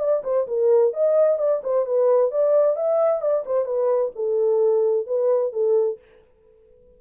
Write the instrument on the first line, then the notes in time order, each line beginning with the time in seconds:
horn
0.00 D5
0.24 C5
0.48 A#4
0.94 D#5
1.39 D5
1.64 C5
1.86 B4
2.32 D5
2.77 E5
3.22 D5
3.46 C5
3.66 B4
4.16 A4
5.07 B4
5.53 A4